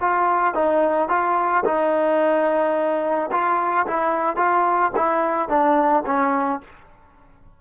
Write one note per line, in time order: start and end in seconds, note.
0.00 0.54 F4
0.54 1.09 D#4
1.09 1.64 F4
1.65 3.30 D#4
3.31 3.86 F4
3.86 4.36 E4
4.36 4.91 F4
4.96 5.48 E4
5.48 6.03 D4
6.06 6.61 C#4